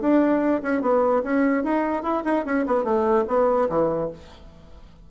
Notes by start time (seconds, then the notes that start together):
0.00 D4
0.62 C#4
0.81 B3
1.23 C#4
1.63 D#4
2.03 E4
2.24 D#4
2.45 C#4
2.66 B3
2.84 A3
3.27 B3
3.69 E3